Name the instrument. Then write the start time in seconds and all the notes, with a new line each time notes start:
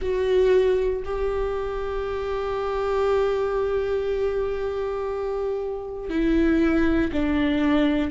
viola
0.01 F#4
1.04 G4
6.09 E4
7.12 D4